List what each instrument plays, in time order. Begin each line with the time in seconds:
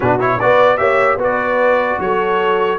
0.00 tuba B2, trombone D4, horn F#4, trumpet B4
0.19 trombone E4, trumpet C#5
0.40 tuba B3, trombone F#4, horn B4, trumpet D5
0.77 tuba A#3, trombone G4, horn C#5, trumpet E5
1.16 tuba B3, trombone F#4, horn B4
1.23 trumpet D5
1.99 tuba F#3, horn A4, trumpet C#5